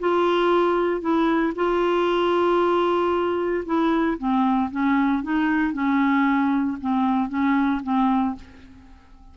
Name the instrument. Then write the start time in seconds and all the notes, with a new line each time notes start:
clarinet
0.00 F4
1.01 E4
1.56 F4
3.65 E4
4.18 C4
4.71 C#4
5.23 D#4
5.73 C#4
6.81 C4
7.29 C#4
7.83 C4